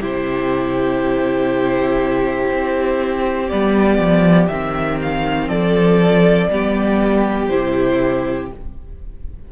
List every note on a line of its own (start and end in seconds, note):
0.00 2.50 C3
0.00 3.49 E4
0.00 5.48 G4
0.00 3.49 C5
2.51 3.51 C4
3.49 3.99 G3
3.49 4.49 B3
3.49 4.48 D5
3.99 4.49 F3
4.48 5.49 D#3
4.48 6.51 C4
4.48 4.98 E5
5.02 5.49 F5
5.48 6.49 F3
5.48 6.48 A4
5.48 7.47 D5
6.50 7.50 G3
6.50 7.51 B3
6.50 8.52 G4
7.47 8.50 C3
7.47 8.51 E4
7.47 8.47 C5